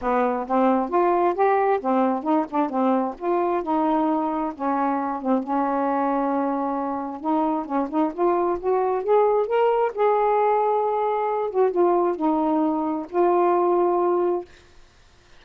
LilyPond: \new Staff \with { instrumentName = "saxophone" } { \time 4/4 \tempo 4 = 133 b4 c'4 f'4 g'4 | c'4 dis'8 d'8 c'4 f'4 | dis'2 cis'4. c'8 | cis'1 |
dis'4 cis'8 dis'8 f'4 fis'4 | gis'4 ais'4 gis'2~ | gis'4. fis'8 f'4 dis'4~ | dis'4 f'2. | }